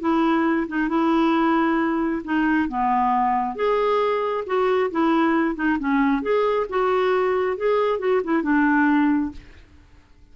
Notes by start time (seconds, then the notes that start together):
0.00 E4
0.68 D#4
0.88 E4
2.24 D#4
2.68 B3
3.55 G#4
4.46 F#4
4.91 E4
5.55 D#4
5.79 C#4
6.22 G#4
6.69 F#4
7.57 G#4
7.99 F#4
8.24 E4
8.42 D4